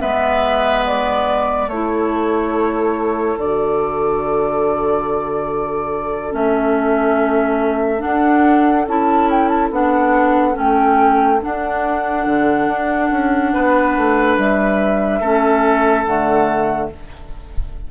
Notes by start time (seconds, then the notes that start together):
0.00 G#3 B3 B4 E5
0.86 D5
1.67 A3 E4 A4 C#5
3.37 D3 F#4 D5
6.31 A3 C#4 E5
7.98 D4 F#5
8.04 D4
8.87 C#4 E4 A5
9.30 G5
9.48 A5
9.70 B3 D4 F#5
10.53 A3 C#4 G5
11.41 D4 F#5
12.26 D3
12.67 D4
13.10 C#4
13.53 B3 B4
13.96 A3
14.37 G3 E5
15.20 A3 C#4 A4
16.04 D3 A3 F#5